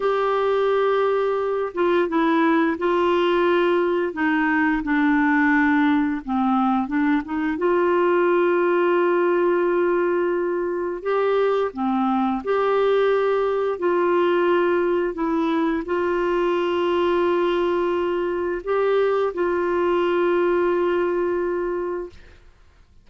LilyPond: \new Staff \with { instrumentName = "clarinet" } { \time 4/4 \tempo 4 = 87 g'2~ g'8 f'8 e'4 | f'2 dis'4 d'4~ | d'4 c'4 d'8 dis'8 f'4~ | f'1 |
g'4 c'4 g'2 | f'2 e'4 f'4~ | f'2. g'4 | f'1 | }